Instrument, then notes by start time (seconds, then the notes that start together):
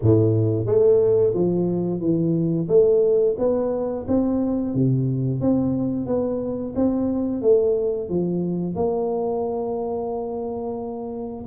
tuba
0.01 A2
0.66 A3
1.34 F3
2.00 E3
2.68 A3
3.38 B3
4.07 C4
4.74 C3
5.41 C4
6.06 B3
6.75 C4
7.41 A3
8.09 F3
8.75 A#3